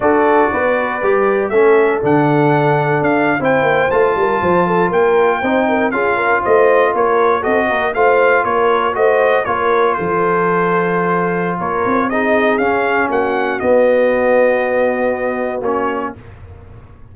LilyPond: <<
  \new Staff \with { instrumentName = "trumpet" } { \time 4/4 \tempo 4 = 119 d''2. e''4 | fis''2 f''8. g''4 a''16~ | a''4.~ a''16 g''2 f''16~ | f''8. dis''4 cis''4 dis''4 f''16~ |
f''8. cis''4 dis''4 cis''4 c''16~ | c''2. cis''4 | dis''4 f''4 fis''4 dis''4~ | dis''2. cis''4 | }
  \new Staff \with { instrumentName = "horn" } { \time 4/4 a'4 b'2 a'4~ | a'2~ a'8. c''4~ c''16~ | c''16 ais'8 c''8 a'8 ais'4 c''8 ais'8 gis'16~ | gis'16 ais'8 c''4 ais'4 a'8 ais'8 c''16~ |
c''8. ais'4 c''4 ais'4 a'16~ | a'2. ais'4 | gis'2 fis'2~ | fis'1 | }
  \new Staff \with { instrumentName = "trombone" } { \time 4/4 fis'2 g'4 cis'4 | d'2~ d'8. e'4 f'16~ | f'2~ f'8. dis'4 f'16~ | f'2~ f'8. fis'4 f'16~ |
f'4.~ f'16 fis'4 f'4~ f'16~ | f'1 | dis'4 cis'2 b4~ | b2. cis'4 | }
  \new Staff \with { instrumentName = "tuba" } { \time 4/4 d'4 b4 g4 a4 | d2 d'8. c'8 ais8 a16~ | a16 g8 f4 ais4 c'4 cis'16~ | cis'8. a4 ais4 c'8 ais8 a16~ |
a8. ais4 a4 ais4 f16~ | f2. ais8 c'8~ | c'4 cis'4 ais4 b4~ | b2. ais4 | }
>>